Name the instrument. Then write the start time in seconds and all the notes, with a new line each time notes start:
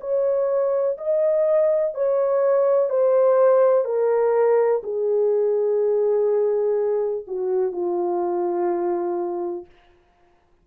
horn
0.00 C#5
0.97 D#5
1.94 C#5
2.89 C5
3.84 A#4
4.83 G#4
7.27 F#4
7.72 F4